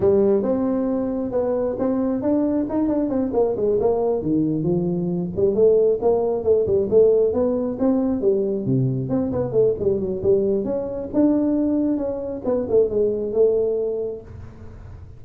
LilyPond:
\new Staff \with { instrumentName = "tuba" } { \time 4/4 \tempo 4 = 135 g4 c'2 b4 | c'4 d'4 dis'8 d'8 c'8 ais8 | gis8 ais4 dis4 f4. | g8 a4 ais4 a8 g8 a8~ |
a8 b4 c'4 g4 c8~ | c8 c'8 b8 a8 g8 fis8 g4 | cis'4 d'2 cis'4 | b8 a8 gis4 a2 | }